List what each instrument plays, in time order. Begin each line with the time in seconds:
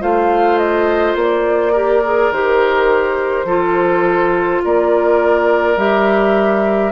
0.00 bassoon A3, clarinet F4, oboe C5, flute F5
0.58 flute D#5
1.15 bassoon A#3, flute D5
1.73 clarinet G4, oboe A#4
2.04 clarinet G#4
2.31 bassoon D#3, clarinet G4, flute C5
3.44 bassoon F3, clarinet F4, oboe A4
4.64 bassoon A#3, oboe A#4, flute D5
5.77 bassoon G3, clarinet G4, flute E5